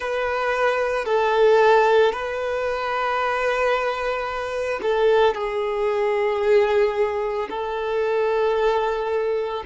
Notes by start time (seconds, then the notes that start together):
0.00 B4
1.05 A4
2.12 B4
4.82 A4
5.34 G#4
7.49 A4